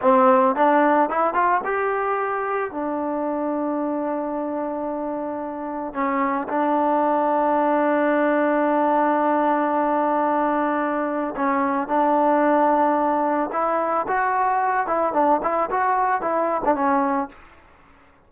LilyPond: \new Staff \with { instrumentName = "trombone" } { \time 4/4 \tempo 4 = 111 c'4 d'4 e'8 f'8 g'4~ | g'4 d'2.~ | d'2. cis'4 | d'1~ |
d'1~ | d'4 cis'4 d'2~ | d'4 e'4 fis'4. e'8 | d'8 e'8 fis'4 e'8. d'16 cis'4 | }